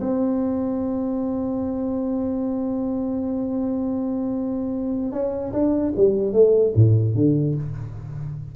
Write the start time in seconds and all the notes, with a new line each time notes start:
0.00 C4
5.12 C#4
5.52 D4
5.96 G3
6.33 A3
6.75 A2
7.14 D3